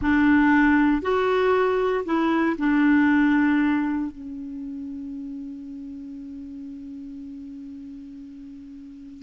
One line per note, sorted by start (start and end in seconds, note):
0.01 1.01 D4
1.01 2.04 F#4
2.05 2.56 E4
2.58 4.11 D4
4.11 9.22 C#4